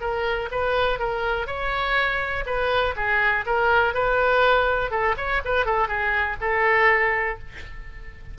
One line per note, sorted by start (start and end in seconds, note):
0.00 0.49 A#4
0.51 0.99 B4
0.99 1.47 A#4
1.47 2.44 C#5
2.46 2.94 B4
2.96 3.44 G#4
3.46 3.94 A#4
3.94 4.91 B4
4.91 5.15 A4
5.17 5.41 C#5
5.44 5.65 B4
5.65 5.88 A4
5.88 6.36 G#4
6.40 7.38 A4